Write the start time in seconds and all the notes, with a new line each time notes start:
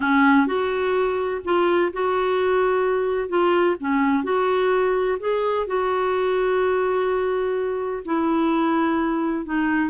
0.00 C#4
0.46 F#4
1.44 F4
1.92 F#4
3.29 F4
3.80 C#4
4.23 F#4
5.19 G#4
5.66 F#4
8.05 E4
9.45 D#4